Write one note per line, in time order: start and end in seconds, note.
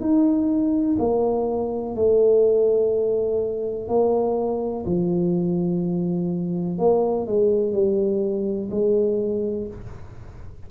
0.00 0.97 D#4
0.99 1.95 A#3
1.96 3.88 A3
3.88 4.85 A#3
4.86 6.78 F3
6.78 7.26 A#3
7.26 7.72 G#3
7.72 8.69 G3
8.71 9.68 G#3